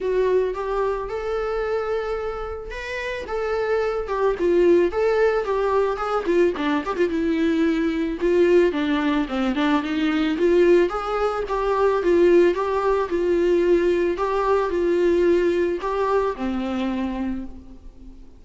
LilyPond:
\new Staff \with { instrumentName = "viola" } { \time 4/4 \tempo 4 = 110 fis'4 g'4 a'2~ | a'4 b'4 a'4. g'8 | f'4 a'4 g'4 gis'8 f'8 | d'8 g'16 f'16 e'2 f'4 |
d'4 c'8 d'8 dis'4 f'4 | gis'4 g'4 f'4 g'4 | f'2 g'4 f'4~ | f'4 g'4 c'2 | }